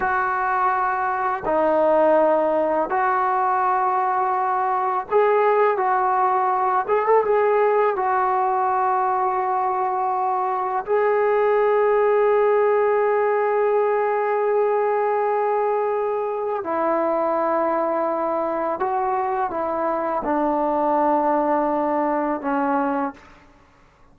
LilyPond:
\new Staff \with { instrumentName = "trombone" } { \time 4/4 \tempo 4 = 83 fis'2 dis'2 | fis'2. gis'4 | fis'4. gis'16 a'16 gis'4 fis'4~ | fis'2. gis'4~ |
gis'1~ | gis'2. e'4~ | e'2 fis'4 e'4 | d'2. cis'4 | }